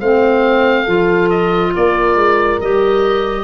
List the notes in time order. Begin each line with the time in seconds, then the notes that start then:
0.00 A3 C4 C5 F5
0.84 F3 F4 A4
1.30 D#5
1.75 A#3 A#4 D5
2.16 G#3
2.61 G3 G4 D#5